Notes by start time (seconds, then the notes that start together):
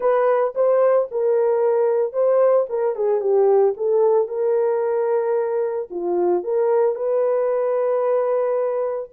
0.00 B4
0.55 C5
1.11 A#4
2.13 C5
2.69 A#4
2.95 G#4
3.20 G4
3.76 A4
4.28 A#4
5.90 F4
6.43 A#4
6.95 B4